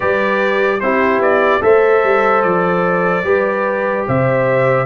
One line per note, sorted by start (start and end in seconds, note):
0.00 0.81 G3
0.00 0.79 G4
0.00 0.80 B4
0.00 0.80 D5
0.80 1.18 C4
0.80 1.61 E4
0.80 1.63 G4
0.80 1.20 C5
1.18 1.59 B3
1.18 1.62 D5
1.61 2.03 A3
1.61 3.23 A4
1.61 3.25 C5
1.61 2.42 E5
2.03 2.43 G3
2.42 3.23 F3
2.42 4.04 D5
3.23 4.05 G3
3.23 4.85 G4
3.23 4.06 B4
4.06 4.85 C3
4.06 4.85 C5
4.06 4.85 E5